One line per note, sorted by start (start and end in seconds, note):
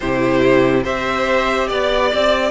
0.00 0.85 C3
0.00 0.84 E4
0.00 0.83 G4
0.00 0.83 C5
0.83 1.70 C4
0.83 2.51 G4
0.83 1.67 C5
0.83 1.68 E5
1.67 2.13 B3
1.67 2.51 D5
2.13 2.51 C4